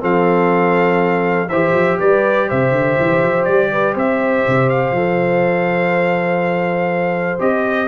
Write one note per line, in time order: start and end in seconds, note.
0.00 1.50 F3
0.00 1.48 C4
0.00 1.49 A4
0.00 1.49 F5
1.49 1.72 E3
1.49 4.95 G4
1.49 1.99 C5
1.49 1.98 E5
1.72 1.97 F3
1.99 2.51 G3
1.99 2.48 B4
1.99 2.49 D5
2.48 2.72 C3
2.48 3.71 C5
2.48 3.45 E5
2.72 2.96 D3
2.99 3.23 E3
3.23 3.48 F3
3.45 3.95 G3
3.45 3.94 D5
3.72 3.94 B4
3.94 4.45 C4
3.94 7.87 C5
3.94 4.69 E5
4.48 4.91 C3
4.69 7.40 F5
4.91 7.37 F3
4.91 7.39 A4
7.39 7.88 C4
7.39 7.88 G4
7.39 7.88 D#5